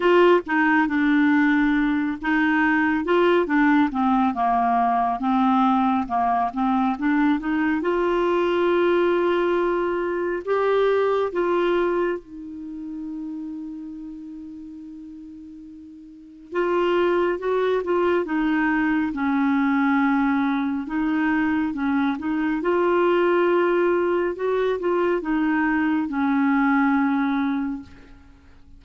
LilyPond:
\new Staff \with { instrumentName = "clarinet" } { \time 4/4 \tempo 4 = 69 f'8 dis'8 d'4. dis'4 f'8 | d'8 c'8 ais4 c'4 ais8 c'8 | d'8 dis'8 f'2. | g'4 f'4 dis'2~ |
dis'2. f'4 | fis'8 f'8 dis'4 cis'2 | dis'4 cis'8 dis'8 f'2 | fis'8 f'8 dis'4 cis'2 | }